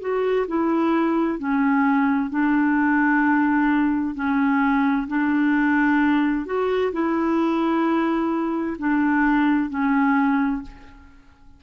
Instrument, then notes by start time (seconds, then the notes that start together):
clarinet
0.00 F#4
0.47 E4
1.39 C#4
2.30 D4
4.15 C#4
5.07 D4
6.45 F#4
6.92 E4
8.78 D4
9.69 C#4